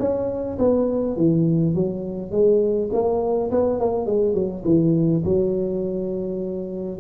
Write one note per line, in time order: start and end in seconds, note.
0.00 0.58 C#4
0.59 1.17 B3
1.17 1.75 E3
1.75 2.32 F#3
2.32 2.90 G#3
2.93 3.51 A#3
3.51 3.80 B3
3.80 4.06 A#3
4.06 4.35 G#3
4.35 4.64 F#3
4.65 5.23 E3
5.25 7.00 F#3